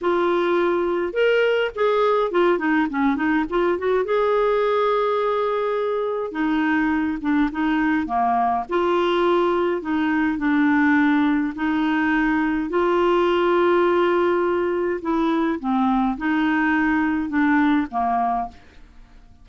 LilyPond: \new Staff \with { instrumentName = "clarinet" } { \time 4/4 \tempo 4 = 104 f'2 ais'4 gis'4 | f'8 dis'8 cis'8 dis'8 f'8 fis'8 gis'4~ | gis'2. dis'4~ | dis'8 d'8 dis'4 ais4 f'4~ |
f'4 dis'4 d'2 | dis'2 f'2~ | f'2 e'4 c'4 | dis'2 d'4 ais4 | }